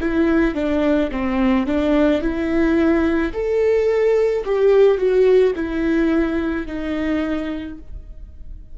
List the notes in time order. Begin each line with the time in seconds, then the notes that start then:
0.00 E4
0.55 D4
1.11 C4
1.67 D4
2.21 E4
3.33 A4
4.45 G4
4.97 F#4
5.55 E4
6.66 D#4